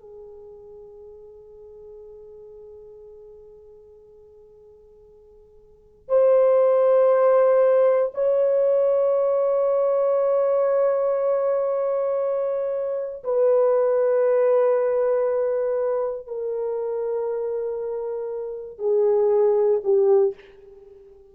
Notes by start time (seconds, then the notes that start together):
0.00 G#4
6.09 C5
8.14 C#5
13.24 B4
16.27 A#4
18.79 G#4
19.84 G4